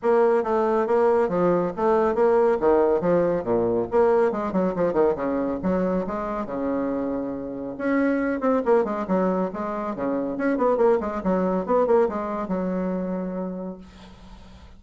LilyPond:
\new Staff \with { instrumentName = "bassoon" } { \time 4/4 \tempo 4 = 139 ais4 a4 ais4 f4 | a4 ais4 dis4 f4 | ais,4 ais4 gis8 fis8 f8 dis8 | cis4 fis4 gis4 cis4~ |
cis2 cis'4. c'8 | ais8 gis8 fis4 gis4 cis4 | cis'8 b8 ais8 gis8 fis4 b8 ais8 | gis4 fis2. | }